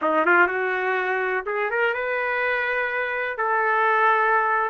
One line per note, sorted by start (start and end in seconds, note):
0.01 0.26 D#4
0.26 0.47 F4
0.47 1.44 F#4
1.46 1.70 G#4
1.70 1.94 A#4
1.94 3.37 B4
3.37 4.70 A4